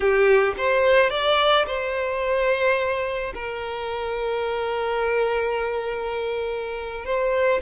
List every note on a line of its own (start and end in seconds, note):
0.00 0.54 G4
0.57 1.10 C5
1.10 1.65 D5
1.66 3.33 C5
3.34 7.05 A#4
7.05 7.60 C5